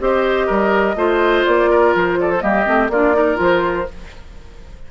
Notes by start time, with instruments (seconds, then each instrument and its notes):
0.00 bassoon C4, clarinet G4, oboe C5, flute D#5
0.47 bassoon G3, oboe A#4
0.95 bassoon A3, clarinet F4, oboe C5
1.45 bassoon A#3, flute D5
1.70 oboe A#4
1.95 bassoon F3, flute C5
2.20 oboe A4, flute D5
2.31 flute C5
2.39 bassoon G3, clarinet A#3, oboe G4, flute D#5
2.66 bassoon A3, clarinet C4
2.89 bassoon A#3, clarinet D4, oboe F4, flute D5
3.13 clarinet D#4, oboe A#4
3.36 bassoon F3, clarinet F4
3.43 flute C5